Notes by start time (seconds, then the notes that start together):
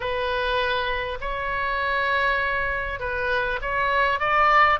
0.00 B4
1.20 C#5
2.99 B4
3.61 C#5
4.19 D5